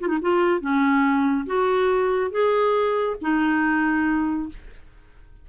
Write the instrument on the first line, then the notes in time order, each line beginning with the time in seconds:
clarinet
0.00 F4
0.07 D#4
0.21 F4
0.60 C#4
1.46 F#4
2.31 G#4
3.21 D#4